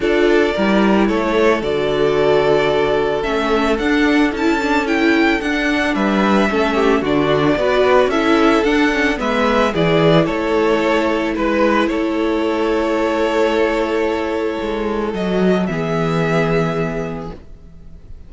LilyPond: <<
  \new Staff \with { instrumentName = "violin" } { \time 4/4 \tempo 4 = 111 d''2 cis''4 d''4~ | d''2 e''4 fis''4 | a''4 g''4 fis''4 e''4~ | e''4 d''2 e''4 |
fis''4 e''4 d''4 cis''4~ | cis''4 b'4 cis''2~ | cis''1 | dis''4 e''2. | }
  \new Staff \with { instrumentName = "violin" } { \time 4/4 a'4 ais'4 a'2~ | a'1~ | a'2. b'4 | a'8 g'8 fis'4 b'4 a'4~ |
a'4 b'4 gis'4 a'4~ | a'4 b'4 a'2~ | a'1~ | a'4 gis'2. | }
  \new Staff \with { instrumentName = "viola" } { \time 4/4 f'4 e'2 fis'4~ | fis'2 cis'4 d'4 | e'8 d'8 e'4 d'2 | cis'4 d'4 fis'4 e'4 |
d'8 cis'8 b4 e'2~ | e'1~ | e'1 | fis'4 b2. | }
  \new Staff \with { instrumentName = "cello" } { \time 4/4 d'4 g4 a4 d4~ | d2 a4 d'4 | cis'2 d'4 g4 | a4 d4 b4 cis'4 |
d'4 gis4 e4 a4~ | a4 gis4 a2~ | a2. gis4 | fis4 e2. | }
>>